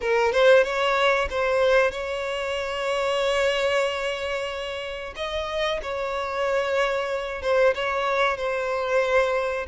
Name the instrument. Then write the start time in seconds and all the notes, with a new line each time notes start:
violin
0.01 A#4
0.32 C5
0.63 C#5
1.29 C5
1.91 C#5
5.16 D#5
5.82 C#5
7.42 C5
7.74 C#5
8.37 C5